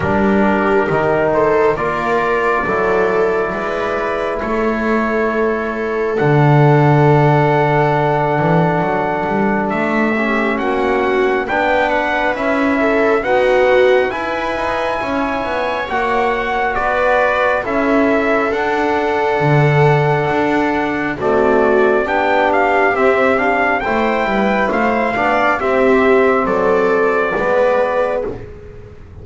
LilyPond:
<<
  \new Staff \with { instrumentName = "trumpet" } { \time 4/4 \tempo 4 = 68 ais'4. c''8 d''2~ | d''4 cis''2 fis''4~ | fis''2. e''4 | fis''4 g''8 fis''8 e''4 fis''4 |
gis''2 fis''4 d''4 | e''4 fis''2. | d''4 g''8 f''8 e''8 f''8 g''4 | f''4 e''4 d''2 | }
  \new Staff \with { instrumentName = "viola" } { \time 4/4 g'4. a'8 ais'4 a'4 | b'4 a'2.~ | a'2.~ a'8 g'8 | fis'4 b'4. a'8 fis'4 |
b'4 cis''2 b'4 | a'1 | fis'4 g'2 c''8 b'8 | c''8 d''8 g'4 a'4 b'4 | }
  \new Staff \with { instrumentName = "trombone" } { \time 4/4 d'4 dis'4 f'4 e'4~ | e'2. d'4~ | d'2.~ d'8 cis'8~ | cis'4 d'4 e'4 b4 |
e'2 fis'2 | e'4 d'2. | a4 d'4 c'8 d'8 e'4~ | e'8 d'8 c'2 b4 | }
  \new Staff \with { instrumentName = "double bass" } { \time 4/4 g4 dis4 ais4 fis4 | gis4 a2 d4~ | d4. e8 fis8 g8 a4 | ais4 b4 cis'4 dis'4 |
e'8 dis'8 cis'8 b8 ais4 b4 | cis'4 d'4 d4 d'4 | c'4 b4 c'4 a8 g8 | a8 b8 c'4 fis4 gis4 | }
>>